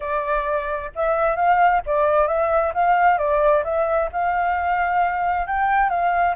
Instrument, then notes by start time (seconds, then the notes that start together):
flute
0.00 D5
0.95 E5
1.36 F5
1.86 D5
2.27 E5
2.74 F5
3.18 D5
3.64 E5
4.12 F5
5.46 G5
5.89 F5